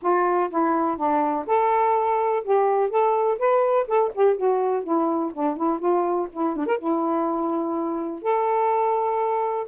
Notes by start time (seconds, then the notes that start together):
0.01 F4
0.50 E4
0.97 D4
1.46 A4
2.44 G4
2.90 A4
3.38 B4
3.87 A4
4.14 G4
4.37 F#4
4.83 E4
5.33 D4
5.56 E4
5.79 F4
6.32 E4
6.56 D4
6.66 A#4
6.78 E4
8.21 A4